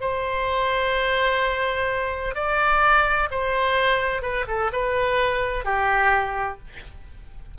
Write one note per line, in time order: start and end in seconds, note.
0.00 2.34 C5
2.34 3.28 D5
3.30 4.21 C5
4.21 4.45 B4
4.47 4.70 A4
4.72 5.64 B4
5.64 6.58 G4